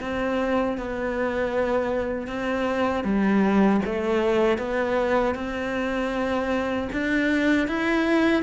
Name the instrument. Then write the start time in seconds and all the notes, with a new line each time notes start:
cello
0.00 C4
0.77 B3
2.27 C4
3.03 G3
3.85 A3
4.57 B3
5.34 C4
6.92 D4
7.67 E4